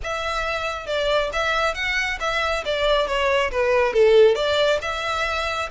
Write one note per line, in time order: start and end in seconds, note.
0.03 0.86 E5
0.86 1.30 D5
1.32 1.74 E5
1.74 2.18 F#5
2.20 2.63 E5
2.65 3.07 D5
3.07 3.50 C#5
3.51 3.93 B4
3.93 4.35 A4
4.35 4.79 D5
4.81 5.69 E5